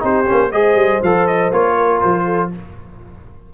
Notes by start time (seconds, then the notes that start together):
0.00 C4 D#4 G4 C5
0.25 A#3 C#4
0.52 G#3 G#4 C5 D#5
0.75 G3
1.02 F3 A4 F5
1.27 D#5
1.52 A#3 F4 C#5
1.77 A#4
2.01 F3 C5
2.25 A4